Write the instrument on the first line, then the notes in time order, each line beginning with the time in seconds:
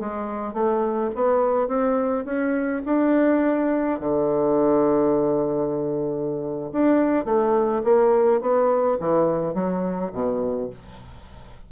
bassoon
0.00 G#3
0.54 A3
1.15 B3
1.68 C4
2.25 C#4
2.86 D4
4.00 D3
6.72 D4
7.25 A3
7.84 A#3
8.41 B3
9.00 E3
9.54 F#3
10.13 B2